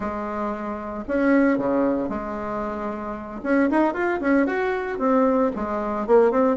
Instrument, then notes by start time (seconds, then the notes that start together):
bassoon
0.00 G#3
1.07 C#4
1.58 C#3
2.09 G#3
3.43 C#4
3.70 D#4
3.93 F4
4.20 C#4
4.46 F#4
4.98 C4
5.55 G#3
6.06 A#3
6.31 C4